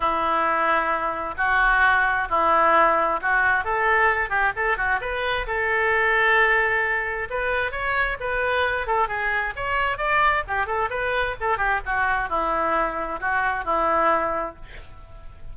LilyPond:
\new Staff \with { instrumentName = "oboe" } { \time 4/4 \tempo 4 = 132 e'2. fis'4~ | fis'4 e'2 fis'4 | a'4. g'8 a'8 fis'8 b'4 | a'1 |
b'4 cis''4 b'4. a'8 | gis'4 cis''4 d''4 g'8 a'8 | b'4 a'8 g'8 fis'4 e'4~ | e'4 fis'4 e'2 | }